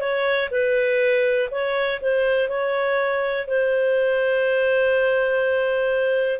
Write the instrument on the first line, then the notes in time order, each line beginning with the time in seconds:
clarinet
0.00 C#5
0.51 B4
1.50 C#5
2.01 C5
2.49 C#5
3.47 C5